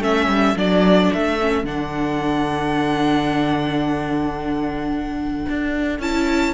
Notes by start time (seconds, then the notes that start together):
0.00 A3 C#4 A4 E5
0.28 G3
0.56 F#3 D4 D5
1.13 A3 E5
1.41 C#4
1.64 D3 D4 F#5
5.49 D4
5.99 C#4 E4 A5